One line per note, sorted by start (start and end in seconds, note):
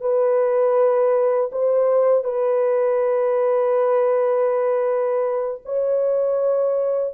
0.00 1.50 B4
1.51 2.23 C5
2.23 5.61 B4
5.65 7.14 C#5